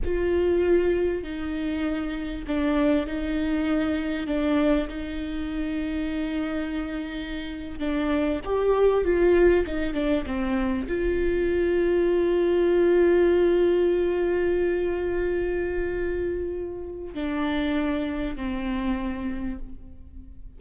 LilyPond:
\new Staff \with { instrumentName = "viola" } { \time 4/4 \tempo 4 = 98 f'2 dis'2 | d'4 dis'2 d'4 | dis'1~ | dis'8. d'4 g'4 f'4 dis'16~ |
dis'16 d'8 c'4 f'2~ f'16~ | f'1~ | f'1 | d'2 c'2 | }